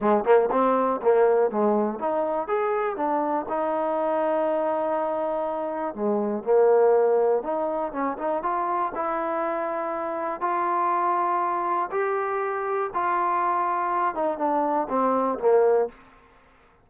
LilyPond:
\new Staff \with { instrumentName = "trombone" } { \time 4/4 \tempo 4 = 121 gis8 ais8 c'4 ais4 gis4 | dis'4 gis'4 d'4 dis'4~ | dis'1 | gis4 ais2 dis'4 |
cis'8 dis'8 f'4 e'2~ | e'4 f'2. | g'2 f'2~ | f'8 dis'8 d'4 c'4 ais4 | }